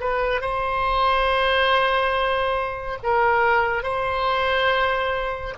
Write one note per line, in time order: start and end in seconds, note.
0.00 0.41 B4
0.41 2.98 C5
3.03 3.83 A#4
3.83 5.54 C5